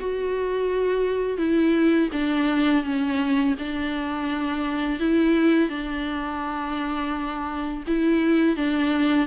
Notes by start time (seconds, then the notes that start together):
0.00 F#4
1.38 E4
2.13 D4
2.84 C#4
3.59 D4
5.00 E4
5.69 D4
7.87 E4
8.56 D4